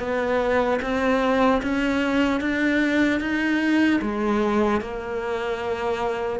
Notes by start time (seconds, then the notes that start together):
0.00 B3
0.82 C4
1.63 C#4
2.41 D4
3.20 D#4
4.02 G#3
4.81 A#3